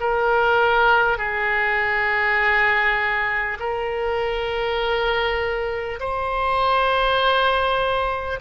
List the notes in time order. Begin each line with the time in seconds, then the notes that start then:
0.00 A#4
1.18 G#4
3.59 A#4
5.99 C5